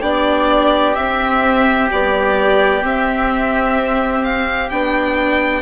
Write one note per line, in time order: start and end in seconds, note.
0.00 0.96 B3
0.00 0.96 D4
0.00 5.62 G4
0.00 0.95 D5
0.95 1.90 C4
0.95 1.91 C4
0.95 1.88 E5
1.92 2.83 G3
1.92 2.83 B3
1.92 2.86 D5
2.83 4.71 C4
2.83 4.24 E5
4.24 4.70 F5
4.70 5.62 B3
4.70 5.62 D4
4.70 5.62 G5